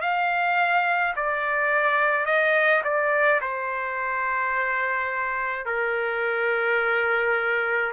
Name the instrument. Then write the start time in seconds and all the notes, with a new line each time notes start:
trumpet
0.00 F5
1.16 D5
2.25 D#5
2.84 D5
3.41 C5
5.65 A#4